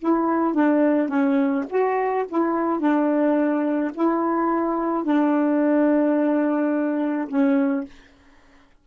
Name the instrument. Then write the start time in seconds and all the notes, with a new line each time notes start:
saxophone
0.00 E4
0.55 D4
1.09 C#4
1.70 F#4
2.29 E4
2.80 D4
3.95 E4
5.04 D4
7.29 C#4